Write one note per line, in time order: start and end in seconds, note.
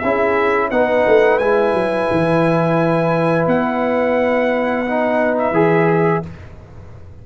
0.00 0.72 C#4
0.00 0.72 E4
0.00 0.69 G#4
0.00 0.69 E5
0.71 1.06 B3
0.71 1.41 D#4
0.71 6.27 B4
0.71 1.39 F#5
1.07 1.40 A3
1.39 1.74 G#3
1.39 4.87 E4
1.39 3.46 G#5
1.74 2.08 F#3
2.11 3.47 E3
3.47 5.51 B3
3.47 5.38 F#5
4.87 5.54 D#4
5.39 6.25 E5
5.51 6.20 E3
5.51 6.23 G#4